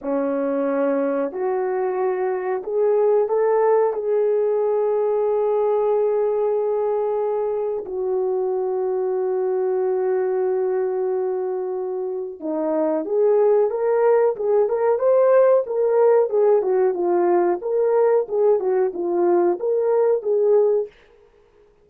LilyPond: \new Staff \with { instrumentName = "horn" } { \time 4/4 \tempo 4 = 92 cis'2 fis'2 | gis'4 a'4 gis'2~ | gis'1 | fis'1~ |
fis'2. dis'4 | gis'4 ais'4 gis'8 ais'8 c''4 | ais'4 gis'8 fis'8 f'4 ais'4 | gis'8 fis'8 f'4 ais'4 gis'4 | }